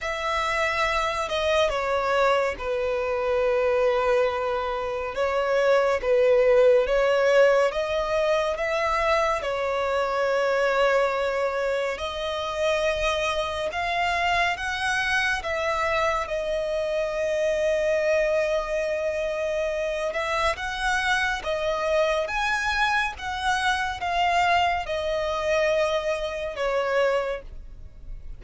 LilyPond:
\new Staff \with { instrumentName = "violin" } { \time 4/4 \tempo 4 = 70 e''4. dis''8 cis''4 b'4~ | b'2 cis''4 b'4 | cis''4 dis''4 e''4 cis''4~ | cis''2 dis''2 |
f''4 fis''4 e''4 dis''4~ | dis''2.~ dis''8 e''8 | fis''4 dis''4 gis''4 fis''4 | f''4 dis''2 cis''4 | }